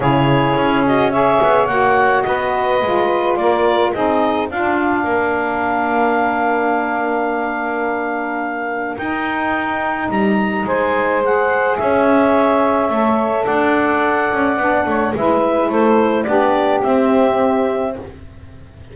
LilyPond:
<<
  \new Staff \with { instrumentName = "clarinet" } { \time 4/4 \tempo 4 = 107 cis''4. dis''8 e''4 fis''4 | dis''2 d''4 dis''4 | f''1~ | f''1 |
g''2 ais''4 gis''4 | fis''4 e''2. | fis''2. e''4 | c''4 d''4 e''2 | }
  \new Staff \with { instrumentName = "saxophone" } { \time 4/4 gis'2 cis''2 | b'2 ais'4 gis'4 | f'4 ais'2.~ | ais'1~ |
ais'2. c''4~ | c''4 cis''2. | d''2~ d''8 cis''8 b'4 | a'4 g'2. | }
  \new Staff \with { instrumentName = "saxophone" } { \time 4/4 e'4. fis'8 gis'4 fis'4~ | fis'4 f'2 dis'4 | d'1~ | d'1 |
dis'1 | gis'2. a'4~ | a'2 d'4 e'4~ | e'4 d'4 c'2 | }
  \new Staff \with { instrumentName = "double bass" } { \time 4/4 cis4 cis'4. b8 ais4 | b4 gis4 ais4 c'4 | d'4 ais2.~ | ais1 |
dis'2 g4 gis4~ | gis4 cis'2 a4 | d'4. cis'8 b8 a8 gis4 | a4 b4 c'2 | }
>>